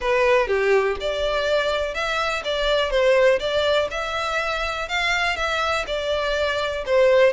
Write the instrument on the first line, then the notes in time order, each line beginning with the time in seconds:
violin
0.00 B4
0.47 G4
1.00 D5
1.94 E5
2.44 D5
2.90 C5
3.39 D5
3.90 E5
4.88 F5
5.36 E5
5.86 D5
6.86 C5